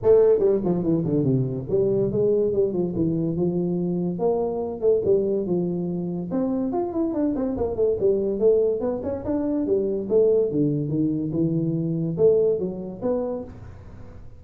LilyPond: \new Staff \with { instrumentName = "tuba" } { \time 4/4 \tempo 4 = 143 a4 g8 f8 e8 d8 c4 | g4 gis4 g8 f8 e4 | f2 ais4. a8 | g4 f2 c'4 |
f'8 e'8 d'8 c'8 ais8 a8 g4 | a4 b8 cis'8 d'4 g4 | a4 d4 dis4 e4~ | e4 a4 fis4 b4 | }